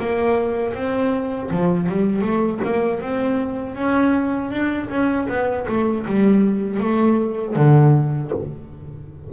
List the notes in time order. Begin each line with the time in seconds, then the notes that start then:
0.00 A#3
0.74 C4
1.51 F3
1.89 G3
2.22 A3
2.64 A#3
3.01 C4
3.76 C#4
4.51 D4
4.90 C#4
5.29 B3
5.68 A3
6.07 G3
6.80 A3
7.56 D3